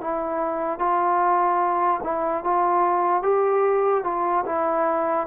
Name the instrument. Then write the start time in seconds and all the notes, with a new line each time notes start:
trombone
0.00 E4
0.79 F4
2.03 E4
2.44 F4
3.22 G4
4.04 F4
4.46 E4